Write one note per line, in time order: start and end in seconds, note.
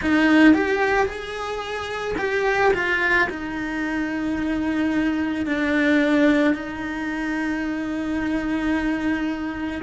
0.01 0.54 D#4
0.54 1.06 G4
1.06 2.15 G#4
2.18 2.72 G4
2.73 3.28 F4
3.29 5.45 D#4
5.45 6.54 D4
6.54 9.81 D#4